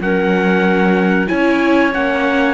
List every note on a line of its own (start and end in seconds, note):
0.00 1.28 F#3
0.00 1.28 C#4
0.00 1.30 A#4
0.00 1.28 F#5
1.28 1.95 C#4
1.28 1.91 E4
1.28 2.55 C#5
1.28 1.92 G#5
1.93 2.55 A#3
1.93 2.55 C#4
1.93 2.55 F#5